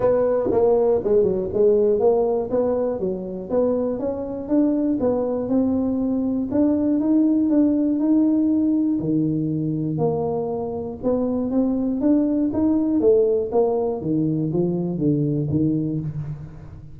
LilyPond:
\new Staff \with { instrumentName = "tuba" } { \time 4/4 \tempo 4 = 120 b4 ais4 gis8 fis8 gis4 | ais4 b4 fis4 b4 | cis'4 d'4 b4 c'4~ | c'4 d'4 dis'4 d'4 |
dis'2 dis2 | ais2 b4 c'4 | d'4 dis'4 a4 ais4 | dis4 f4 d4 dis4 | }